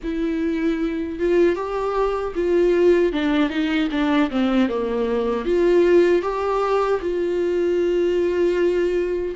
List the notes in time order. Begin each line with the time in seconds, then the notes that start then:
0.03 E4
1.19 F4
1.55 G4
2.35 F4
3.12 D4
3.49 D#4
3.91 D4
4.30 C4
4.69 A#3
5.45 F4
6.22 G4
7.01 F4